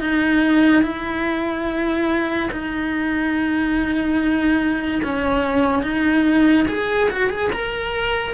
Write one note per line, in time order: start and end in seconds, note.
0.00 0.83 D#4
0.83 2.49 E4
2.52 5.02 D#4
5.03 5.83 C#4
5.83 6.66 D#4
6.68 7.10 G#4
7.10 7.30 F#4
7.30 7.50 G#4
7.52 8.34 A#4